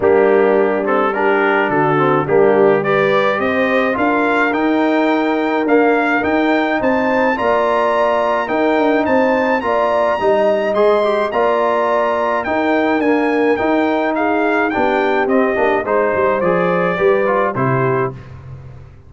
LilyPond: <<
  \new Staff \with { instrumentName = "trumpet" } { \time 4/4 \tempo 4 = 106 g'4. a'8 ais'4 a'4 | g'4 d''4 dis''4 f''4 | g''2 f''4 g''4 | a''4 ais''2 g''4 |
a''4 ais''2 c'''4 | ais''2 g''4 gis''4 | g''4 f''4 g''4 dis''4 | c''4 d''2 c''4 | }
  \new Staff \with { instrumentName = "horn" } { \time 4/4 d'2 g'4 fis'4 | d'4 b'4 c''4 ais'4~ | ais'1 | c''4 d''2 ais'4 |
c''4 d''4 dis''2 | d''2 ais'2~ | ais'4 gis'4 g'2 | c''2 b'4 g'4 | }
  \new Staff \with { instrumentName = "trombone" } { \time 4/4 ais4. c'8 d'4. c'8 | ais4 g'2 f'4 | dis'2 ais4 dis'4~ | dis'4 f'2 dis'4~ |
dis'4 f'4 dis'4 gis'8 g'8 | f'2 dis'4 ais4 | dis'2 d'4 c'8 d'8 | dis'4 gis'4 g'8 f'8 e'4 | }
  \new Staff \with { instrumentName = "tuba" } { \time 4/4 g2. d4 | g2 c'4 d'4 | dis'2 d'4 dis'4 | c'4 ais2 dis'8 d'8 |
c'4 ais4 g4 gis4 | ais2 dis'4 d'4 | dis'2 b4 c'8 ais8 | gis8 g8 f4 g4 c4 | }
>>